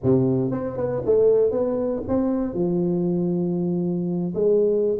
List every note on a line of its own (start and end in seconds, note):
0.03 0.51 C3
0.51 0.76 C4
0.76 1.02 B3
1.05 1.51 A3
1.51 2.02 B3
2.08 2.54 C4
2.54 4.33 F3
4.34 4.98 G#3